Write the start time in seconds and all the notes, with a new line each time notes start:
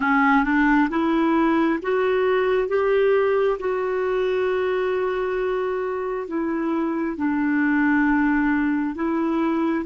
0.00 C#4
0.44 D4
0.90 E4
1.82 F#4
2.68 G4
3.59 F#4
6.27 E4
7.17 D4
8.95 E4